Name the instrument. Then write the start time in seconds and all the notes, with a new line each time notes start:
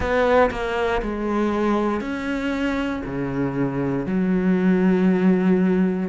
cello
0.00 B3
0.50 A#3
1.02 G#3
2.01 C#4
3.05 C#3
4.05 F#3